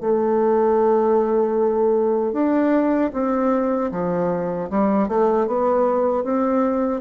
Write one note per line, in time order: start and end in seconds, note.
0.00 2.33 A3
2.33 3.11 D4
3.13 3.91 C4
3.91 4.69 F3
4.70 5.08 G3
5.08 5.47 A3
5.47 6.24 B3
6.24 7.01 C4